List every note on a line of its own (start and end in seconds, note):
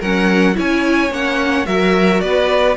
0.00 0.57 F#3
0.00 0.55 C#4
0.00 0.55 A#4
0.00 0.57 F#5
0.55 1.11 C#4
0.55 1.10 E4
0.55 1.68 C#5
0.55 1.13 G#5
1.11 1.66 A#3
1.11 1.66 C#4
1.11 1.66 F#5
1.66 2.22 F#3
1.66 2.76 F#4
1.66 2.22 A#4
1.66 2.21 E5
2.21 2.77 B3
2.21 2.77 B4
2.21 2.76 D5